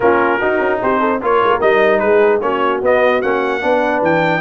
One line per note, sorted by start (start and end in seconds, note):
0.00 0.40 A#3
0.00 0.40 C#4
0.00 0.39 F4
0.00 0.80 A#4
0.39 1.21 D#4
0.39 0.59 D#4
0.39 0.79 F#4
0.59 0.79 C#4
0.82 1.22 C4
0.82 0.99 G4
0.82 1.22 C5
0.99 1.19 A4
1.22 1.42 A#3
1.22 1.60 F4
1.22 2.02 A#4
1.22 1.60 C#5
1.42 1.51 G#3
1.51 1.61 A#3
1.60 2.01 G3
1.60 2.41 D#4
1.60 1.99 D#5
1.99 2.41 G#3
1.99 2.42 G#4
1.99 2.39 B4
2.41 2.81 A#3
2.41 2.82 C#4
2.41 3.63 F#4
2.41 2.81 C#5
2.81 3.22 B3
2.81 3.21 D#5
3.21 3.63 A#3
3.21 3.60 C#4
3.21 4.02 F#5
3.60 4.01 B3
3.60 4.41 D4
3.60 4.41 B4
4.01 4.41 E3
4.01 4.41 G5